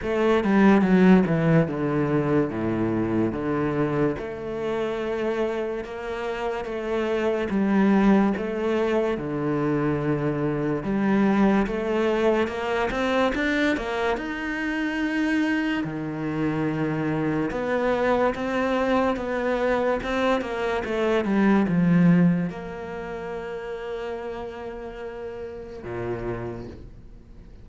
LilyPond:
\new Staff \with { instrumentName = "cello" } { \time 4/4 \tempo 4 = 72 a8 g8 fis8 e8 d4 a,4 | d4 a2 ais4 | a4 g4 a4 d4~ | d4 g4 a4 ais8 c'8 |
d'8 ais8 dis'2 dis4~ | dis4 b4 c'4 b4 | c'8 ais8 a8 g8 f4 ais4~ | ais2. ais,4 | }